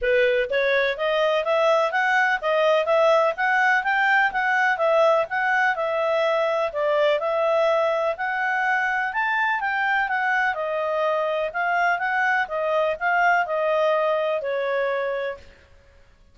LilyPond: \new Staff \with { instrumentName = "clarinet" } { \time 4/4 \tempo 4 = 125 b'4 cis''4 dis''4 e''4 | fis''4 dis''4 e''4 fis''4 | g''4 fis''4 e''4 fis''4 | e''2 d''4 e''4~ |
e''4 fis''2 a''4 | g''4 fis''4 dis''2 | f''4 fis''4 dis''4 f''4 | dis''2 cis''2 | }